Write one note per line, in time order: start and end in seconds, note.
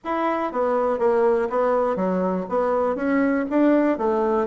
0.04 0.52 E4
0.52 0.98 B3
0.98 1.48 A#3
1.49 1.96 B3
1.96 2.45 F#3
2.49 2.95 B3
2.95 3.45 C#4
3.50 3.98 D4
3.98 4.47 A3